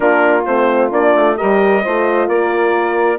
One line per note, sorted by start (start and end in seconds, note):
0.00 0.45 A#3
0.00 0.43 D4
0.00 1.37 F4
0.00 0.45 A#4
0.45 0.91 A3
0.45 0.90 C4
0.45 0.91 C5
0.90 1.14 A#3
0.90 1.36 D4
0.90 1.37 D5
1.15 1.38 A3
1.36 1.86 G3
1.36 1.82 G4
1.36 1.83 A#4
1.36 2.29 D#5
1.83 2.28 A3
1.83 3.19 F4
1.83 2.28 C5
2.28 3.19 A#3
2.28 3.19 A#4
2.28 3.19 D5